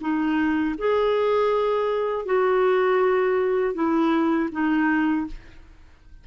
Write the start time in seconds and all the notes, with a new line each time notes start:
0.00 D#4
0.78 G#4
2.25 F#4
3.74 E4
4.51 D#4